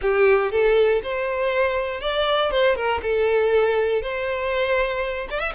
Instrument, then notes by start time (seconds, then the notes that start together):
violin
0.01 G4
0.51 A4
1.02 C5
2.00 D5
2.50 C5
2.75 A#4
3.02 A4
4.02 C5
5.29 D5
5.39 E5